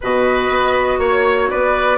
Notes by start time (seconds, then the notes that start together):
0.01 B2 F#4 B4 D#5
0.49 B3
0.98 A#3 C#5
1.49 B3 B4 D5